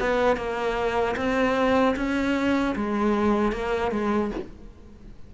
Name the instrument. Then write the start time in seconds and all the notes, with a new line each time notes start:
cello
0.00 B3
0.37 A#3
1.17 C4
1.96 C#4
2.76 G#3
3.52 A#3
3.92 G#3